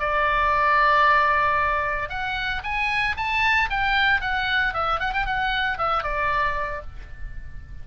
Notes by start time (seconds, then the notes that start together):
0.00 D5
2.10 F#5
2.64 G#5
3.17 A5
3.70 G5
4.21 F#5
4.74 E5
5.00 F#5
5.14 G5
5.26 F#5
5.78 E5
6.03 D5